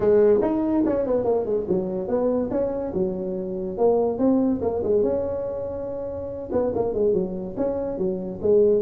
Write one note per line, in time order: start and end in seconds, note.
0.00 0.40 G#3
0.41 0.83 D#4
0.85 1.06 C#4
1.06 1.24 B3
1.24 1.45 A#3
1.45 1.66 G#3
1.68 2.08 F#3
2.08 2.49 B3
2.50 2.92 C#4
2.93 3.77 F#3
3.77 4.18 A#3
4.18 4.60 C4
4.61 4.82 A#3
4.83 5.02 G#3
5.02 6.49 C#4
6.51 6.72 B3
6.74 6.94 A#3
6.94 7.13 G#3
7.13 7.55 F#3
7.56 7.98 C#4
7.98 8.40 F#3
8.42 8.81 G#3